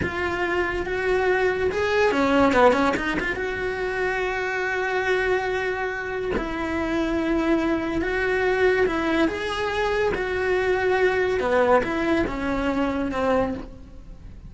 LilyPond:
\new Staff \with { instrumentName = "cello" } { \time 4/4 \tempo 4 = 142 f'2 fis'2 | gis'4 cis'4 b8 cis'8 dis'8 f'8 | fis'1~ | fis'2. e'4~ |
e'2. fis'4~ | fis'4 e'4 gis'2 | fis'2. b4 | e'4 cis'2 c'4 | }